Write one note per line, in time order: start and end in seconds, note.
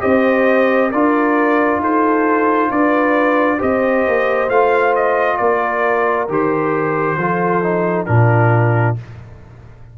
0.00 0.93 C4
0.00 0.90 G4
0.00 0.90 C5
0.00 0.90 D#5
0.90 1.79 D4
0.90 3.58 F4
0.90 1.80 A#4
0.90 1.80 D5
1.79 2.69 D#4
1.79 2.70 A4
1.79 2.71 C5
2.70 3.59 D4
2.70 3.57 B4
2.70 3.60 D5
3.57 4.07 C4
3.57 4.48 G4
3.57 5.36 C5
3.57 4.49 D#5
4.07 4.49 A#3
4.48 5.38 A3
4.48 6.27 F4
4.48 4.94 F5
4.95 5.37 D#5
5.37 6.28 A#3
5.37 7.18 A#4
5.37 6.26 D5
6.28 7.17 D#3
6.28 7.18 G4
6.28 8.05 C5
7.17 8.06 F3
7.17 7.62 F4
7.17 8.07 A4
7.62 8.06 D#4
8.05 8.97 A#2
8.05 8.96 D4
8.05 8.96 F4
8.05 8.94 A#4